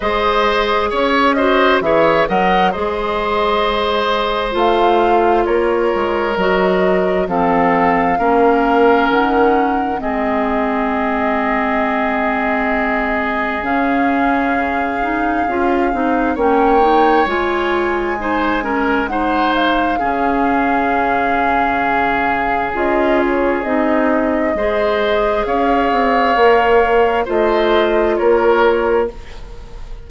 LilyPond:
<<
  \new Staff \with { instrumentName = "flute" } { \time 4/4 \tempo 4 = 66 dis''4 cis''8 dis''8 e''8 fis''8 dis''4~ | dis''4 f''4 cis''4 dis''4 | f''2 fis''4 dis''4~ | dis''2. f''4~ |
f''2 g''4 gis''4~ | gis''4 fis''8 f''2~ f''8~ | f''4 dis''8 cis''8 dis''2 | f''2 dis''4 cis''4 | }
  \new Staff \with { instrumentName = "oboe" } { \time 4/4 c''4 cis''8 c''8 cis''8 dis''8 c''4~ | c''2 ais'2 | a'4 ais'2 gis'4~ | gis'1~ |
gis'2 cis''2 | c''8 ais'8 c''4 gis'2~ | gis'2. c''4 | cis''2 c''4 ais'4 | }
  \new Staff \with { instrumentName = "clarinet" } { \time 4/4 gis'4. fis'8 gis'8 ais'8 gis'4~ | gis'4 f'2 fis'4 | c'4 cis'2 c'4~ | c'2. cis'4~ |
cis'8 dis'8 f'8 dis'8 cis'8 dis'8 f'4 | dis'8 cis'8 dis'4 cis'2~ | cis'4 f'4 dis'4 gis'4~ | gis'4 ais'4 f'2 | }
  \new Staff \with { instrumentName = "bassoon" } { \time 4/4 gis4 cis'4 e8 fis8 gis4~ | gis4 a4 ais8 gis8 fis4 | f4 ais4 dis4 gis4~ | gis2. cis4~ |
cis4 cis'8 c'8 ais4 gis4~ | gis2 cis2~ | cis4 cis'4 c'4 gis4 | cis'8 c'8 ais4 a4 ais4 | }
>>